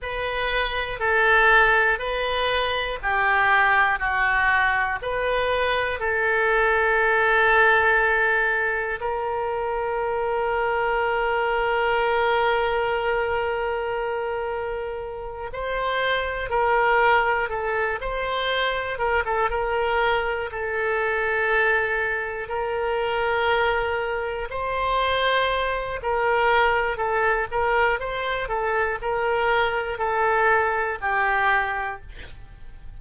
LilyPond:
\new Staff \with { instrumentName = "oboe" } { \time 4/4 \tempo 4 = 60 b'4 a'4 b'4 g'4 | fis'4 b'4 a'2~ | a'4 ais'2.~ | ais'2.~ ais'8 c''8~ |
c''8 ais'4 a'8 c''4 ais'16 a'16 ais'8~ | ais'8 a'2 ais'4.~ | ais'8 c''4. ais'4 a'8 ais'8 | c''8 a'8 ais'4 a'4 g'4 | }